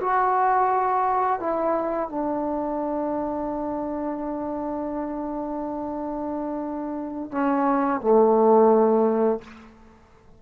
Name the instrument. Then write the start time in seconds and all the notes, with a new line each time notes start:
trombone
0.00 F#4
1.40 E4
2.09 D4
7.31 C#4
8.01 A3